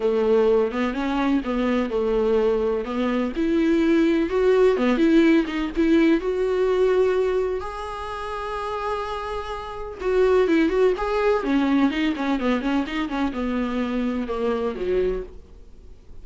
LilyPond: \new Staff \with { instrumentName = "viola" } { \time 4/4 \tempo 4 = 126 a4. b8 cis'4 b4 | a2 b4 e'4~ | e'4 fis'4 b8 e'4 dis'8 | e'4 fis'2. |
gis'1~ | gis'4 fis'4 e'8 fis'8 gis'4 | cis'4 dis'8 cis'8 b8 cis'8 dis'8 cis'8 | b2 ais4 fis4 | }